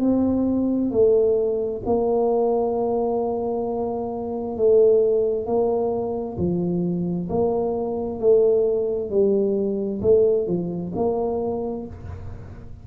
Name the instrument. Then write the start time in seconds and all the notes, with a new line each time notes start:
tuba
0.00 C4
0.91 A3
1.86 A#3
4.57 A3
5.46 A#3
6.38 F3
7.29 A#3
8.19 A3
9.10 G3
10.02 A3
10.47 F3
10.95 A#3